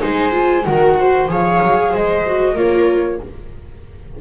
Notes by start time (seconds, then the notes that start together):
0.00 G#3 D#4 C5 G#5
0.32 F4
0.65 D#3 F#4 A#4 F#5
0.99 C5
1.28 F3 G#4 C#5 F5
1.63 F#3
1.91 G#3 C5 D#5
2.26 F#4
2.54 A#3 F4 A#4 C#5